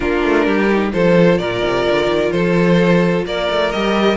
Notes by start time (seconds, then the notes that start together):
0.00 A#3 D4 F4 A#4
0.24 A3
0.45 G3 G4
0.70 D#4
0.92 F3 F4 A4 C5
1.38 A#2 A#4 D5
1.64 C3
1.90 D3
2.06 D#3
2.31 F3 A4 C5
3.25 A#3 A#4 D5
3.50 A3
3.71 G3 G4 D#5